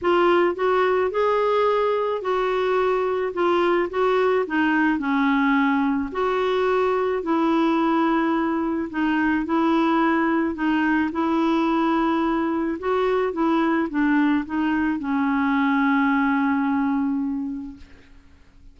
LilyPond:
\new Staff \with { instrumentName = "clarinet" } { \time 4/4 \tempo 4 = 108 f'4 fis'4 gis'2 | fis'2 f'4 fis'4 | dis'4 cis'2 fis'4~ | fis'4 e'2. |
dis'4 e'2 dis'4 | e'2. fis'4 | e'4 d'4 dis'4 cis'4~ | cis'1 | }